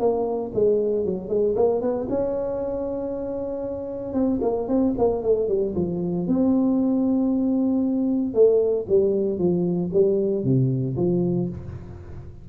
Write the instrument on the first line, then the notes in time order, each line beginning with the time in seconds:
tuba
0.00 A#3
0.55 G#3
1.06 F#3
1.29 G#3
1.56 A#3
1.81 B3
2.10 C#4
4.14 C4
4.42 A#3
4.68 C4
4.98 A#3
5.22 A3
5.49 G3
5.76 F3
6.28 C4
8.34 A3
8.89 G3
9.39 F3
9.93 G3
10.44 C3
10.97 F3